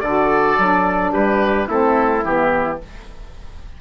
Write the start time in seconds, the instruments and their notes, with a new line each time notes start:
0.00 bassoon D3, saxophone F#4, trumpet A4, oboe D5
0.58 bassoon F#3, saxophone D4
1.13 bassoon G3, trumpet G4, oboe B4
1.68 bassoon A3, saxophone C4, trumpet E4, oboe A4
2.24 bassoon E3, saxophone B3, oboe G4